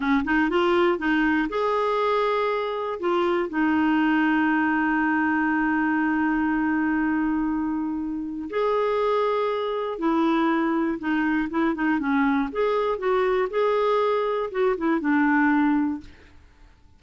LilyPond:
\new Staff \with { instrumentName = "clarinet" } { \time 4/4 \tempo 4 = 120 cis'8 dis'8 f'4 dis'4 gis'4~ | gis'2 f'4 dis'4~ | dis'1~ | dis'1~ |
dis'4 gis'2. | e'2 dis'4 e'8 dis'8 | cis'4 gis'4 fis'4 gis'4~ | gis'4 fis'8 e'8 d'2 | }